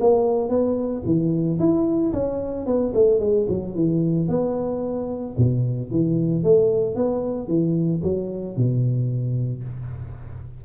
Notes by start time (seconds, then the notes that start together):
0.00 A#3
0.48 B3
1.05 E3
1.59 E4
2.13 C#4
2.66 B3
2.94 A3
3.19 G#3
3.48 F#3
3.75 E3
4.28 B3
5.37 B2
5.91 E3
6.43 A3
6.95 B3
7.48 E3
8.03 F#3
8.56 B2